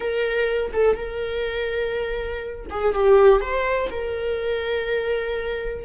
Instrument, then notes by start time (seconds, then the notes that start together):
viola
0.00 A#4
0.73 A4
0.96 A#4
2.70 G#4
2.94 G4
3.40 C5
3.90 A#4